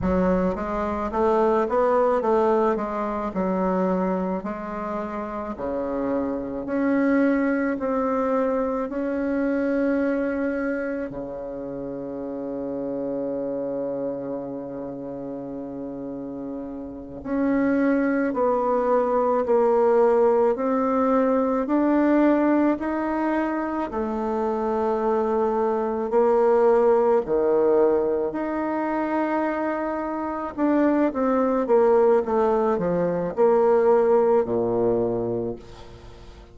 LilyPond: \new Staff \with { instrumentName = "bassoon" } { \time 4/4 \tempo 4 = 54 fis8 gis8 a8 b8 a8 gis8 fis4 | gis4 cis4 cis'4 c'4 | cis'2 cis2~ | cis2.~ cis8 cis'8~ |
cis'8 b4 ais4 c'4 d'8~ | d'8 dis'4 a2 ais8~ | ais8 dis4 dis'2 d'8 | c'8 ais8 a8 f8 ais4 ais,4 | }